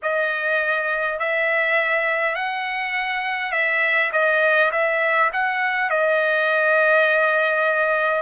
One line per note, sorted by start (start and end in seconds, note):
0.02 1.19 D#5
1.19 2.35 E5
2.35 3.52 F#5
3.52 4.11 E5
4.12 4.71 D#5
4.71 5.30 E5
5.33 5.89 F#5
5.89 8.21 D#5